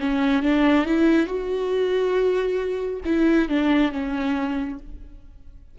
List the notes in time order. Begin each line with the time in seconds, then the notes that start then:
0.00 C#4
0.43 D4
0.85 E4
1.27 F#4
3.05 E4
3.49 D4
3.92 C#4